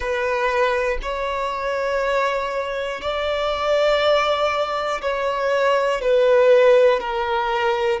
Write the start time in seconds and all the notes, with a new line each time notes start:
0.00 B4
1.01 C#5
3.00 D5
5.01 C#5
6.00 B4
7.00 A#4